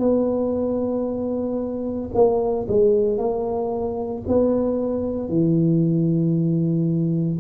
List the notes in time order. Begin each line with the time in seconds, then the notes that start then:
0.00 B3
2.14 A#3
2.68 G#3
3.18 A#3
4.28 B3
5.29 E3